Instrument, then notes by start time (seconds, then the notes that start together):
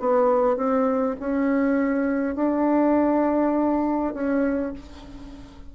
bassoon
0.00 B3
0.57 C4
1.20 C#4
2.36 D4
4.14 C#4